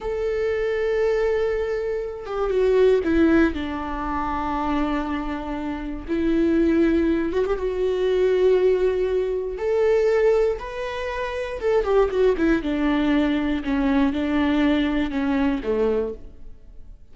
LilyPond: \new Staff \with { instrumentName = "viola" } { \time 4/4 \tempo 4 = 119 a'1~ | a'8 g'8 fis'4 e'4 d'4~ | d'1 | e'2~ e'8 fis'16 g'16 fis'4~ |
fis'2. a'4~ | a'4 b'2 a'8 g'8 | fis'8 e'8 d'2 cis'4 | d'2 cis'4 a4 | }